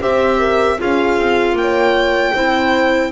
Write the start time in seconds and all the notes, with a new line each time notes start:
0.00 C4 G4 C5 E5
0.39 A#4
0.78 C#4 F4 G#4 F5
1.18 C4
1.53 A#3 G5
1.61 C#5
2.34 C4 E4 C5